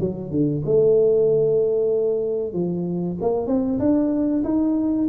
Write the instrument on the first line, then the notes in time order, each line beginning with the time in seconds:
tuba
0.00 F#3
0.30 D3
0.65 A3
2.53 F3
3.21 A#3
3.47 C4
3.79 D4
4.44 D#4